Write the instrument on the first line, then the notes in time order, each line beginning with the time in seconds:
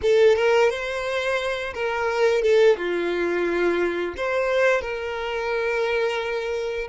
violin
0.02 A4
0.35 A#4
0.70 C5
1.74 A#4
2.41 A4
2.76 F4
4.16 C5
4.81 A#4